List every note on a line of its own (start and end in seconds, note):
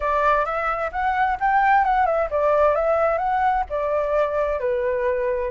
0.00 0.45 D5
0.45 0.91 E5
0.92 1.37 F#5
1.40 1.84 G5
1.84 2.05 F#5
2.05 2.28 E5
2.30 2.75 D5
2.75 3.18 E5
3.18 3.63 F#5
3.69 4.59 D5
4.59 5.51 B4